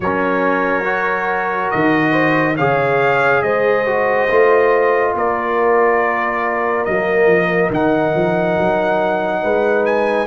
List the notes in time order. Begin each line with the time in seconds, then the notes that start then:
0.00 F#3 C#4 A#4 C#5
0.83 F#4
1.70 D#3 D#5
2.11 C5
2.56 C#3 G#4 C#5 F5
3.42 G#3 C5 D#5
3.86 F#4
4.30 A3 F4
5.14 A#3 A#4 D5
6.84 F#3 A#3 D#5
7.26 F3
7.70 D#3 D#4 F#5
8.14 F3
8.58 F#3
9.41 G#3 B4
9.85 G#5